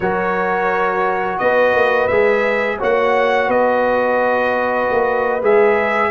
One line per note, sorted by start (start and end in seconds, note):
0.00 1.38 F#3
0.00 2.10 F#4
0.00 1.40 A#4
0.00 1.38 C#5
1.38 1.73 B3
1.38 2.78 B4
1.38 2.07 D#5
1.73 2.08 A#3
2.07 2.78 G#3
2.07 2.79 G#4
2.07 2.77 E5
2.78 3.48 A#3
2.78 5.41 F#4
2.78 3.47 C#5
2.78 3.50 F#5
3.47 4.88 B3
3.47 6.09 B4
3.47 5.42 D#5
4.91 5.41 A#3
5.41 6.10 G#3
5.41 6.10 G#4
5.41 6.10 E5